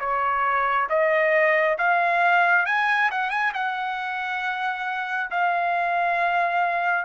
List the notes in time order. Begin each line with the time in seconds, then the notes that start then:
0.00 C#5
0.89 D#5
1.78 F5
2.66 G#5
3.11 F#5
3.30 G#5
3.54 F#5
5.31 F5